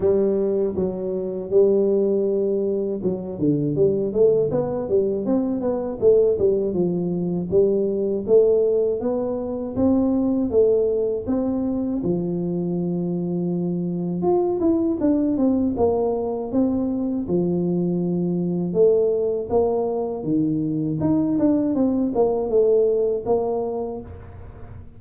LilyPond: \new Staff \with { instrumentName = "tuba" } { \time 4/4 \tempo 4 = 80 g4 fis4 g2 | fis8 d8 g8 a8 b8 g8 c'8 b8 | a8 g8 f4 g4 a4 | b4 c'4 a4 c'4 |
f2. f'8 e'8 | d'8 c'8 ais4 c'4 f4~ | f4 a4 ais4 dis4 | dis'8 d'8 c'8 ais8 a4 ais4 | }